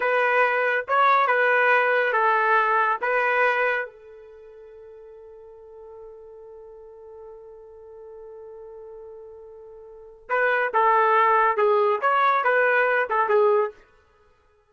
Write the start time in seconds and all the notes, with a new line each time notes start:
0.00 B4
0.88 C#5
1.27 B4
2.12 A4
3.01 B4
3.85 A4
10.29 B4
10.73 A4
11.57 G#4
12.01 C#5
12.44 B4
13.09 A4
13.29 G#4